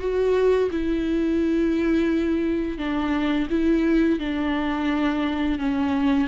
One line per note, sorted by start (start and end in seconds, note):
0.00 0.70 F#4
0.71 2.78 E4
2.78 3.48 D4
3.50 4.19 E4
4.19 5.59 D4
5.59 6.28 C#4